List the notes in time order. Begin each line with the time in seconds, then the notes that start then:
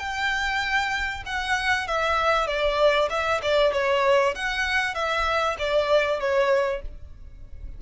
0.00 G5
1.26 F#5
1.88 E5
2.47 D5
3.10 E5
3.43 D5
3.73 C#5
4.36 F#5
4.95 E5
5.59 D5
6.21 C#5